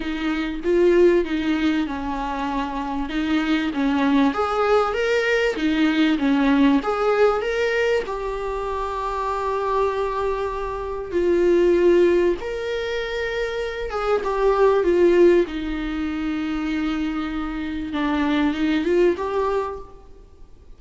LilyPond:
\new Staff \with { instrumentName = "viola" } { \time 4/4 \tempo 4 = 97 dis'4 f'4 dis'4 cis'4~ | cis'4 dis'4 cis'4 gis'4 | ais'4 dis'4 cis'4 gis'4 | ais'4 g'2.~ |
g'2 f'2 | ais'2~ ais'8 gis'8 g'4 | f'4 dis'2.~ | dis'4 d'4 dis'8 f'8 g'4 | }